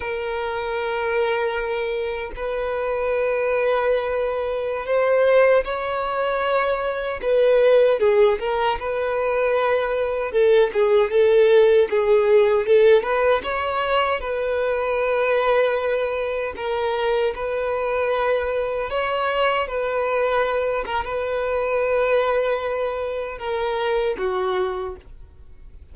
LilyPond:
\new Staff \with { instrumentName = "violin" } { \time 4/4 \tempo 4 = 77 ais'2. b'4~ | b'2~ b'16 c''4 cis''8.~ | cis''4~ cis''16 b'4 gis'8 ais'8 b'8.~ | b'4~ b'16 a'8 gis'8 a'4 gis'8.~ |
gis'16 a'8 b'8 cis''4 b'4.~ b'16~ | b'4~ b'16 ais'4 b'4.~ b'16~ | b'16 cis''4 b'4. ais'16 b'4~ | b'2 ais'4 fis'4 | }